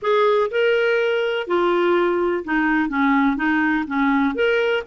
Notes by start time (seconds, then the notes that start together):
0.02 G#4
0.50 A#4
1.47 F4
2.44 D#4
2.89 C#4
3.36 D#4
3.87 C#4
4.34 A#4